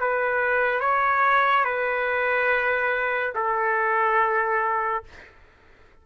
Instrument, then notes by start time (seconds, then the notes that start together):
trumpet
0.00 B4
0.80 C#5
1.65 B4
3.35 A4